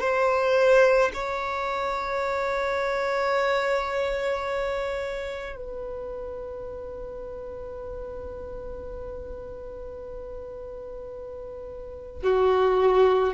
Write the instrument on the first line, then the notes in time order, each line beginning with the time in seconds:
violin
0.00 C5
1.14 C#5
5.56 B4
12.23 F#4